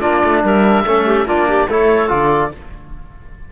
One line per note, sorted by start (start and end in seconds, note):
0.00 0.23 A#3
0.00 0.84 D4
0.00 0.41 F4
0.00 0.42 D5
0.24 0.44 A3
0.44 0.85 G3
0.44 0.85 A#4
0.44 1.29 E5
0.86 1.26 A3
0.86 1.27 C#4
0.86 1.06 A4
1.06 1.26 G4
1.26 1.67 A#3
1.26 1.69 D4
1.26 1.47 F4
1.26 1.70 D5
1.48 1.69 G4
1.69 2.10 A3
1.69 2.09 E4
1.69 2.52 A4
1.69 2.11 C#5
2.09 2.53 D3
2.09 2.50 F4
2.09 2.52 D5